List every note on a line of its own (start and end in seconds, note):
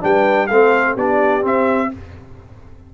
0.00 0.50 G3
0.00 0.48 D4
0.00 0.48 B4
0.00 0.46 G5
0.46 0.96 A3
0.46 0.97 C4
0.46 0.94 A4
0.46 0.94 F5
0.94 1.43 B3
0.94 1.41 D4
0.94 1.89 G4
0.94 1.45 D5
1.41 1.88 C4
1.41 1.91 C4
1.41 1.94 E5